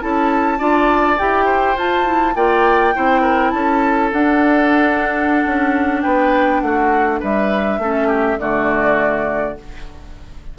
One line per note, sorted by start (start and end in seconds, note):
0.00 0.60 C#4
0.00 0.59 E4
0.00 0.59 A4
0.00 1.19 A5
0.59 1.19 D4
0.59 1.18 F4
0.59 1.46 D5
1.19 1.76 E4
1.19 1.77 G4
1.19 1.78 G5
1.46 2.34 C5
1.76 2.35 F4
1.76 2.05 F4
1.76 2.36 A5
2.05 2.34 E4
2.36 2.94 A#3
2.36 2.94 F4
2.36 2.95 D5
2.36 3.51 G5
2.94 3.53 C4
2.94 4.12 E4
2.94 3.22 C5
3.22 3.51 A#4
3.51 4.12 C#4
3.51 6.03 A4
3.51 4.10 A5
4.13 5.45 D4
4.13 7.81 D4
4.13 6.02 F#5
5.46 6.05 C#4
6.02 6.62 B3
6.02 6.62 B4
6.02 6.61 G5
6.61 7.21 A3
6.61 7.20 F#4
6.61 7.20 F#5
7.20 7.79 G3
7.20 7.79 B4
7.20 8.40 E5
7.79 8.38 A3
7.79 8.39 C#4
7.79 8.08 A4
8.08 8.37 G4
8.39 9.57 D3
8.39 9.56 A3
8.39 9.59 F#4
8.39 9.58 D5